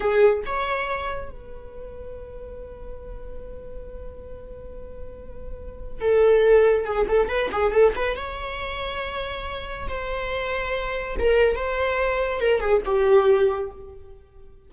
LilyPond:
\new Staff \with { instrumentName = "viola" } { \time 4/4 \tempo 4 = 140 gis'4 cis''2 b'4~ | b'1~ | b'1~ | b'2 a'2 |
gis'8 a'8 b'8 gis'8 a'8 b'8 cis''4~ | cis''2. c''4~ | c''2 ais'4 c''4~ | c''4 ais'8 gis'8 g'2 | }